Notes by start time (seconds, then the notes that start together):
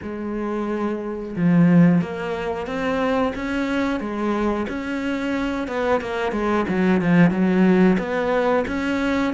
0.02 G#3
1.35 F3
2.01 A#3
2.66 C4
3.35 C#4
4.00 G#3
4.68 C#4
5.67 B3
6.01 A#3
6.32 G#3
6.68 F#3
7.01 F3
7.30 F#3
7.98 B3
8.67 C#4